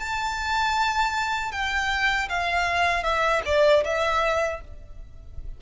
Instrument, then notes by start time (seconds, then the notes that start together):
violin
0.00 A5
1.52 G5
2.29 F5
3.04 E5
3.46 D5
3.85 E5